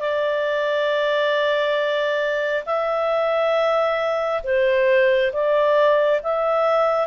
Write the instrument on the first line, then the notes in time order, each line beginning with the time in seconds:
clarinet
0.00 D5
2.66 E5
4.44 C5
5.33 D5
6.23 E5